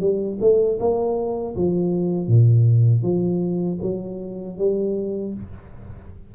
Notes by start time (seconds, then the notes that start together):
0.00 G3
0.41 A3
0.79 A#3
1.56 F3
2.28 A#2
3.03 F3
3.82 F#3
4.58 G3